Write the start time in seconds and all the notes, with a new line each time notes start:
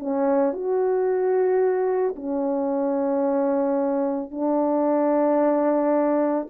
0.00 C#4
0.54 F#4
2.16 C#4
4.31 D4